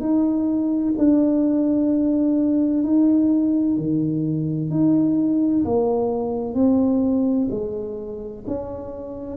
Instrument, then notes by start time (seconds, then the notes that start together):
tuba
0.00 D#4
0.98 D4
2.83 D#4
3.77 D#3
4.70 D#4
5.64 A#3
6.54 C4
7.50 G#3
8.47 C#4